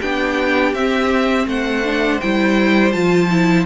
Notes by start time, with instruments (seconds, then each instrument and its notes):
0.00 cello B3, viola D4, violin G4 G5
0.73 cello C4, viola C4, violin E5
1.46 cello A3, violin C5 F#5
1.83 viola D4
2.20 cello G3, viola E4, violin G5
2.91 cello F3, viola F4, violin A5
3.30 viola E4